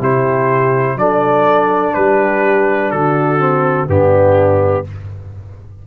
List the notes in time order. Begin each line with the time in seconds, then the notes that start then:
0.00 C3 E4 G4 C5
0.97 F#3 D4 A4 D5
1.95 G3 G4 B4
2.91 D3 F#4 A4
3.40 C4
3.88 G2 B3 D4 G4